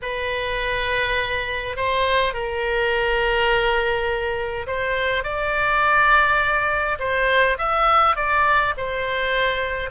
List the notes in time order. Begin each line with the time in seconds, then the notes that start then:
0.02 B4
1.76 C5
2.33 A#4
4.66 C5
5.23 D5
6.99 C5
7.58 E5
8.16 D5
8.77 C5